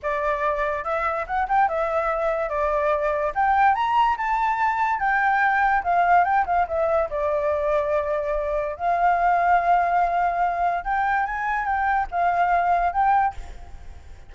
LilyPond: \new Staff \with { instrumentName = "flute" } { \time 4/4 \tempo 4 = 144 d''2 e''4 fis''8 g''8 | e''2 d''2 | g''4 ais''4 a''2 | g''2 f''4 g''8 f''8 |
e''4 d''2.~ | d''4 f''2.~ | f''2 g''4 gis''4 | g''4 f''2 g''4 | }